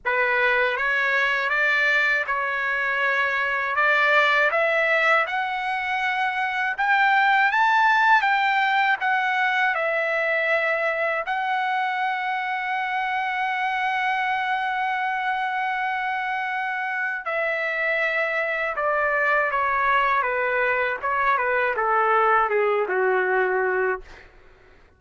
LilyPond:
\new Staff \with { instrumentName = "trumpet" } { \time 4/4 \tempo 4 = 80 b'4 cis''4 d''4 cis''4~ | cis''4 d''4 e''4 fis''4~ | fis''4 g''4 a''4 g''4 | fis''4 e''2 fis''4~ |
fis''1~ | fis''2. e''4~ | e''4 d''4 cis''4 b'4 | cis''8 b'8 a'4 gis'8 fis'4. | }